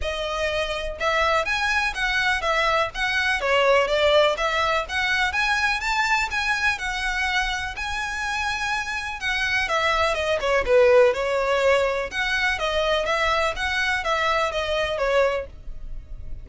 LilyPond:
\new Staff \with { instrumentName = "violin" } { \time 4/4 \tempo 4 = 124 dis''2 e''4 gis''4 | fis''4 e''4 fis''4 cis''4 | d''4 e''4 fis''4 gis''4 | a''4 gis''4 fis''2 |
gis''2. fis''4 | e''4 dis''8 cis''8 b'4 cis''4~ | cis''4 fis''4 dis''4 e''4 | fis''4 e''4 dis''4 cis''4 | }